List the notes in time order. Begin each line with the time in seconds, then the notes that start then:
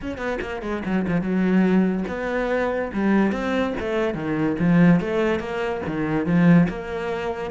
0.01 C#4
0.17 B3
0.41 A#3
0.62 G#3
0.85 F#3
1.07 F3
1.21 F#3
2.07 B3
2.93 G3
3.32 C4
3.79 A3
4.14 D#3
4.59 F3
5.00 A3
5.39 A#3
5.86 D#3
6.26 F3
6.68 A#3